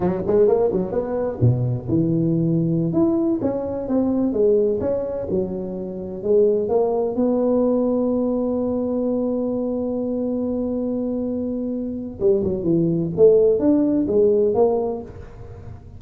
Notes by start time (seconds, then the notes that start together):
0.00 F#3
0.27 G#3
0.47 A#3
0.72 F#3
0.91 B3
1.40 B2
1.88 E3
2.93 E4
3.41 C#4
3.88 C4
4.32 G#3
4.80 C#4
5.29 F#3
6.23 G#3
6.68 A#3
7.15 B3
12.20 G3
12.43 F#3
12.63 E3
13.16 A3
13.59 D4
14.07 G#3
14.54 A#3